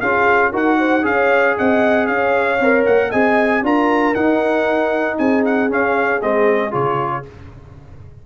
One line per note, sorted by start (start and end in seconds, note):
0.00 0.53 C#4
0.00 0.52 F4
0.00 0.51 G#4
0.00 0.52 F5
0.51 1.04 D#4
0.51 1.02 F#4
0.51 0.77 A#4
0.51 1.05 F#5
0.78 1.04 C5
1.02 1.56 C#4
1.02 2.57 G#4
1.02 1.56 C#5
1.02 1.57 F5
1.57 2.08 C4
1.57 2.07 D#5
1.57 2.07 F#5
2.07 2.59 C#4
2.07 3.09 C#5
2.07 2.84 F5
2.59 2.85 C4
2.59 3.12 A#4
2.85 3.12 A#3
2.85 3.11 F#5
3.09 3.62 C4
3.09 3.63 G#4
3.09 3.61 D#5
3.09 3.63 G#5
3.62 4.14 D4
3.62 4.15 F4
3.62 5.18 A#4
3.62 4.14 A#5
4.14 5.69 D#4
4.14 5.18 D#4
4.14 5.17 F#5
5.18 5.70 C4
5.18 7.25 G#4
5.18 5.44 G#5
5.45 5.71 F#5
5.69 6.21 C#4
5.69 6.22 C#4
5.69 6.22 F5
6.22 6.74 G#3
6.22 6.70 C4
6.22 6.73 D#5
6.70 7.26 C#3
6.70 7.22 F4
6.70 7.25 C#5